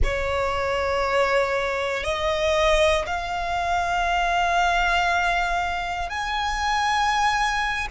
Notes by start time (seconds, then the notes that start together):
0.03 C#5
2.03 D#5
3.06 F5
6.09 G#5